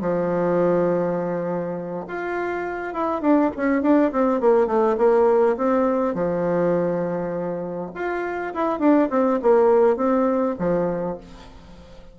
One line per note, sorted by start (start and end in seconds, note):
0.00 2.06 F3
2.07 2.94 F4
2.94 3.21 E4
3.21 3.50 D4
3.56 3.82 C#4
3.82 4.11 D4
4.12 4.40 C4
4.40 4.67 A#3
4.67 4.96 A3
4.98 5.56 A#3
5.57 6.14 C4
6.14 7.91 F3
7.95 8.53 F4
8.54 8.79 E4
8.79 9.09 D4
9.10 9.39 C4
9.42 9.96 A#3
9.96 10.55 C4
10.59 11.18 F3